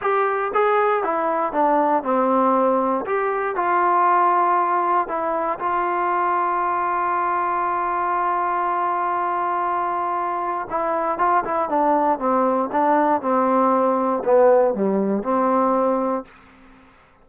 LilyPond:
\new Staff \with { instrumentName = "trombone" } { \time 4/4 \tempo 4 = 118 g'4 gis'4 e'4 d'4 | c'2 g'4 f'4~ | f'2 e'4 f'4~ | f'1~ |
f'1~ | f'4 e'4 f'8 e'8 d'4 | c'4 d'4 c'2 | b4 g4 c'2 | }